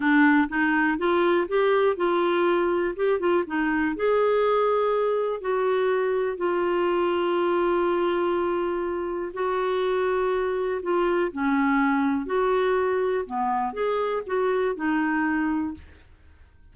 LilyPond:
\new Staff \with { instrumentName = "clarinet" } { \time 4/4 \tempo 4 = 122 d'4 dis'4 f'4 g'4 | f'2 g'8 f'8 dis'4 | gis'2. fis'4~ | fis'4 f'2.~ |
f'2. fis'4~ | fis'2 f'4 cis'4~ | cis'4 fis'2 b4 | gis'4 fis'4 dis'2 | }